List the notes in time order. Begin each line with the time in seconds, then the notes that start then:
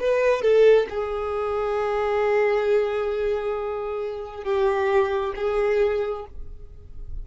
0.00 B4
0.42 A4
0.90 G#4
4.44 G4
5.36 G#4